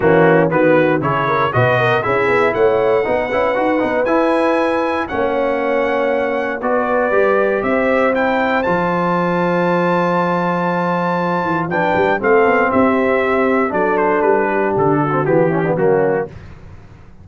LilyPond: <<
  \new Staff \with { instrumentName = "trumpet" } { \time 4/4 \tempo 4 = 118 fis'4 b'4 cis''4 dis''4 | e''4 fis''2. | gis''2 fis''2~ | fis''4 d''2 e''4 |
g''4 a''2.~ | a''2. g''4 | f''4 e''2 d''8 c''8 | b'4 a'4 g'4 fis'4 | }
  \new Staff \with { instrumentName = "horn" } { \time 4/4 cis'4 fis'4 gis'8 ais'8 b'8 ais'8 | gis'4 cis''4 b'2~ | b'2 cis''2~ | cis''4 b'2 c''4~ |
c''1~ | c''2. b'4 | a'4 g'2 a'4~ | a'8 g'4 fis'4 e'16 d'16 cis'4 | }
  \new Staff \with { instrumentName = "trombone" } { \time 4/4 ais4 b4 e'4 fis'4 | e'2 dis'8 e'8 fis'8 dis'8 | e'2 cis'2~ | cis'4 fis'4 g'2 |
e'4 f'2.~ | f'2. d'4 | c'2. d'4~ | d'4.~ d'16 c'16 b8 cis'16 b16 ais4 | }
  \new Staff \with { instrumentName = "tuba" } { \time 4/4 e4 dis4 cis4 b,4 | cis'8 b8 a4 b8 cis'8 dis'8 b8 | e'2 ais2~ | ais4 b4 g4 c'4~ |
c'4 f2.~ | f2~ f8 e8 f8 g8 | a8 b8 c'2 fis4 | g4 d4 e4 fis4 | }
>>